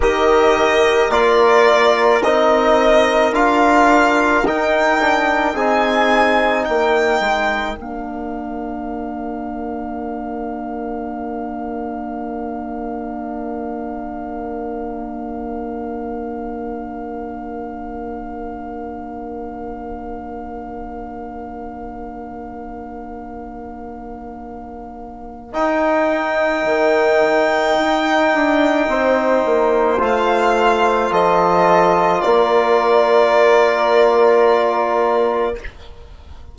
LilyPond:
<<
  \new Staff \with { instrumentName = "violin" } { \time 4/4 \tempo 4 = 54 dis''4 d''4 dis''4 f''4 | g''4 gis''4 g''4 f''4~ | f''1~ | f''1~ |
f''1~ | f''2. g''4~ | g''2. f''4 | dis''4 d''2. | }
  \new Staff \with { instrumentName = "horn" } { \time 4/4 ais'1~ | ais'4 gis'4 ais'2~ | ais'1~ | ais'1~ |
ais'1~ | ais'1~ | ais'2 c''2 | a'4 ais'2. | }
  \new Staff \with { instrumentName = "trombone" } { \time 4/4 g'4 f'4 dis'4 f'4 | dis'8 d'8 dis'2 d'4~ | d'1~ | d'1~ |
d'1~ | d'2. dis'4~ | dis'2. f'4~ | f'1 | }
  \new Staff \with { instrumentName = "bassoon" } { \time 4/4 dis4 ais4 c'4 d'4 | dis'4 c'4 ais8 gis8 ais4~ | ais1~ | ais1~ |
ais1~ | ais2. dis'4 | dis4 dis'8 d'8 c'8 ais8 a4 | f4 ais2. | }
>>